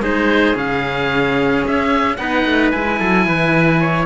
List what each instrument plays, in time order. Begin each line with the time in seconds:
0.00 cello G#3 D#4, trumpet G#4, oboe C5
0.56 cello C#3 C#4, oboe F5
1.67 cello C#4, oboe E5
2.17 cello B3 D#4, trumpet B4, oboe F#5
2.46 cello A3
2.71 cello G#3 E4, oboe G#5
3.00 cello F#3, trumpet A4
3.27 cello E3, trumpet B4
3.81 trumpet C#5